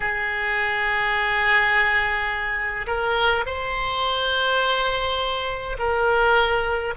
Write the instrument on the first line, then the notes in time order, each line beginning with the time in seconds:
oboe
0.00 G#4
2.86 A#4
3.46 C5
5.78 A#4